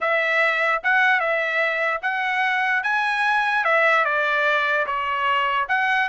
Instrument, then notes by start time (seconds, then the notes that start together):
trumpet
0.00 E5
0.83 F#5
1.19 E5
2.02 F#5
2.83 G#5
3.64 E5
4.04 D5
4.86 C#5
5.68 F#5